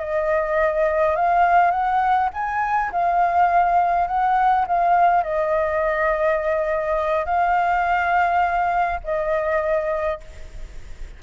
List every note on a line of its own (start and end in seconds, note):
0.00 1.16 D#5
1.16 1.71 F5
1.71 2.29 F#5
2.33 2.92 G#5
2.92 4.08 F5
4.08 4.66 F#5
4.67 5.23 F5
5.23 7.25 D#5
7.25 9.00 F5
9.04 10.20 D#5